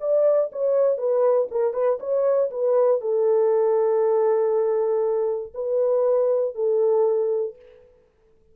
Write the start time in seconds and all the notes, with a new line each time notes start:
0.00 D5
0.52 C#5
0.97 B4
1.51 A#4
1.73 B4
1.99 C#5
2.50 B4
3.01 A4
5.54 B4
6.55 A4